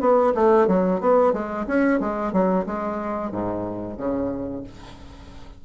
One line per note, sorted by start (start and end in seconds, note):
0.00 0.33 B3
0.34 0.67 A3
0.67 1.00 F#3
1.00 1.33 B3
1.33 1.66 G#3
1.67 2.00 C#4
2.00 2.32 G#3
2.32 2.65 F#3
2.66 3.31 G#3
3.31 3.97 G#2
3.97 4.63 C#3